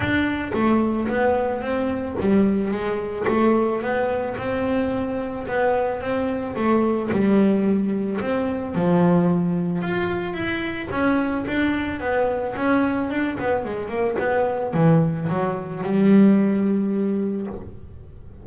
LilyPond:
\new Staff \with { instrumentName = "double bass" } { \time 4/4 \tempo 4 = 110 d'4 a4 b4 c'4 | g4 gis4 a4 b4 | c'2 b4 c'4 | a4 g2 c'4 |
f2 f'4 e'4 | cis'4 d'4 b4 cis'4 | d'8 b8 gis8 ais8 b4 e4 | fis4 g2. | }